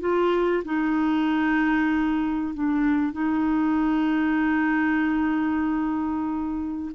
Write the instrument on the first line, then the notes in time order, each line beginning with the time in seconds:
clarinet
0.00 F4
0.65 D#4
2.54 D4
3.12 D#4